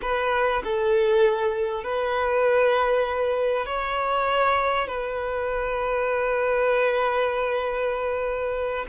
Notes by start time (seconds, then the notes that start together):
0.01 B4
0.63 A4
1.83 B4
3.65 C#5
4.87 B4